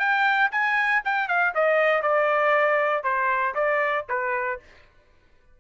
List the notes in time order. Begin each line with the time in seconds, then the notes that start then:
0.00 G5
0.52 G#5
1.05 G5
1.29 F5
1.55 D#5
2.02 D5
3.04 C5
3.55 D5
4.09 B4